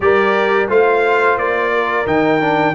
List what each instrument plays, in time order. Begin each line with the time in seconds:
0.00 tuba G3, trombone G4, horn A#4, trumpet D5
0.68 tuba A3, trombone F4, horn C5, trumpet F5
1.37 tuba A#3, trumpet D5
1.73 horn A#4
2.06 tuba D#3, trombone D#4, trumpet G5
2.40 trombone D4